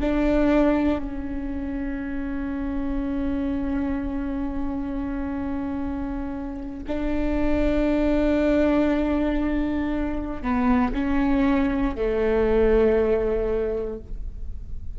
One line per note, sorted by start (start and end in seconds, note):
0.00 0.99 D4
0.99 6.84 C#4
6.87 10.42 D4
10.42 10.93 B3
10.93 11.95 C#4
11.95 13.99 A3